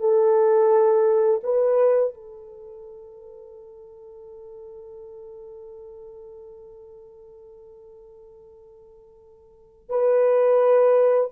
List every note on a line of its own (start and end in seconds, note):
0.00 1.41 A4
1.44 2.14 B4
2.14 9.90 A4
9.90 11.31 B4